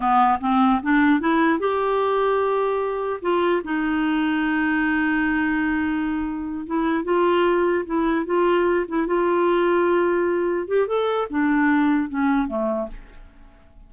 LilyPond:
\new Staff \with { instrumentName = "clarinet" } { \time 4/4 \tempo 4 = 149 b4 c'4 d'4 e'4 | g'1 | f'4 dis'2.~ | dis'1~ |
dis'8 e'4 f'2 e'8~ | e'8 f'4. e'8 f'4.~ | f'2~ f'8 g'8 a'4 | d'2 cis'4 a4 | }